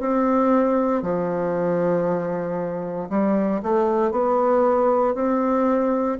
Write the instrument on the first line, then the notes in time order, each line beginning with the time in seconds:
bassoon
0.00 C4
1.03 F3
3.10 G3
3.63 A3
4.12 B3
5.15 C4